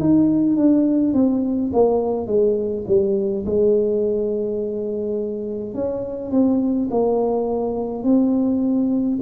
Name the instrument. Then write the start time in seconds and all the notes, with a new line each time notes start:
tuba
0.00 D#4
0.57 D4
1.14 C4
1.73 A#3
2.27 G#3
2.88 G3
3.46 G#3
5.74 C#4
6.31 C4
6.91 A#3
8.04 C4